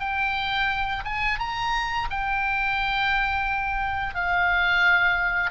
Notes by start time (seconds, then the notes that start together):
0.00 G5
1.04 G#5
1.39 A#5
2.10 G5
4.15 F5